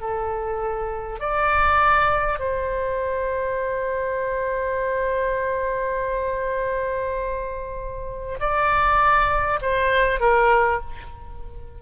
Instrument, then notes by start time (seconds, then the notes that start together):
oboe
0.00 A4
1.19 D5
2.39 C5
8.39 D5
9.61 C5
10.19 A#4